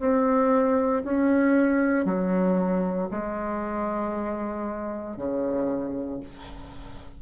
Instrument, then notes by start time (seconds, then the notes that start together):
bassoon
0.00 C4
1.04 C#4
2.05 F#3
3.11 G#3
5.17 C#3